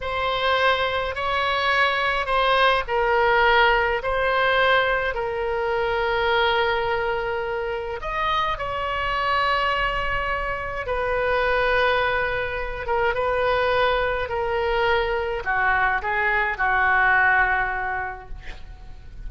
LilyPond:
\new Staff \with { instrumentName = "oboe" } { \time 4/4 \tempo 4 = 105 c''2 cis''2 | c''4 ais'2 c''4~ | c''4 ais'2.~ | ais'2 dis''4 cis''4~ |
cis''2. b'4~ | b'2~ b'8 ais'8 b'4~ | b'4 ais'2 fis'4 | gis'4 fis'2. | }